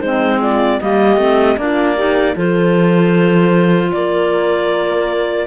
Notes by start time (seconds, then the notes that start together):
0.00 G#3 C4 D#4 C5
0.41 F4 D5
0.81 G3 A#3 G4 D#5
1.17 A3 C4
1.57 A#3 D4 F4 D5
1.96 D#4 G4
2.35 F3 F4 A4 C5
3.92 A#3 A#4 D5